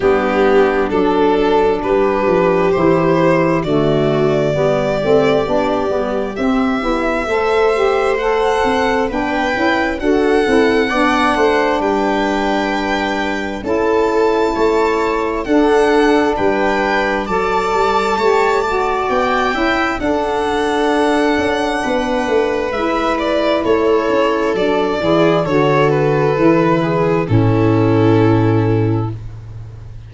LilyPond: <<
  \new Staff \with { instrumentName = "violin" } { \time 4/4 \tempo 4 = 66 g'4 a'4 b'4 c''4 | d''2. e''4~ | e''4 fis''4 g''4 fis''4~ | fis''4 g''2 a''4~ |
a''4 fis''4 g''4 a''4~ | a''4 g''4 fis''2~ | fis''4 e''8 d''8 cis''4 d''4 | cis''8 b'4. a'2 | }
  \new Staff \with { instrumentName = "viola" } { \time 4/4 d'2 g'2 | fis'4 g'2. | c''2 b'4 a'4 | d''8 c''8 b'2 a'4 |
cis''4 a'4 b'4 d''4 | cis''8 d''4 e''8 a'2 | b'2 a'4. gis'8 | a'4. gis'8 e'2 | }
  \new Staff \with { instrumentName = "saxophone" } { \time 4/4 b4 d'2 e'4 | a4 b8 c'8 d'8 b8 c'8 e'8 | a'8 g'8 a'4 d'8 e'8 fis'8 e'8 | d'2. e'4~ |
e'4 d'2 a'4 | g'8 fis'4 e'8 d'2~ | d'4 e'2 d'8 e'8 | fis'4 e'4 cis'2 | }
  \new Staff \with { instrumentName = "tuba" } { \time 4/4 g4 fis4 g8 f8 e4 | d4 g8 a8 b8 g8 c'8 b8 | a4. c'8 b8 cis'8 d'8 c'8 | b8 a8 g2 cis'4 |
a4 d'4 g4 fis8 g8 | a4 b8 cis'8 d'4. cis'8 | b8 a8 gis4 a8 cis'8 fis8 e8 | d4 e4 a,2 | }
>>